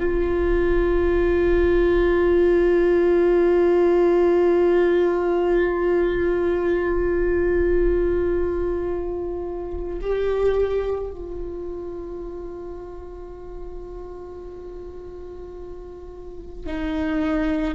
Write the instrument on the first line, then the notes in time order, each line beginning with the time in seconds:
viola
0.00 F4
10.02 G4
11.11 F4
16.67 D#4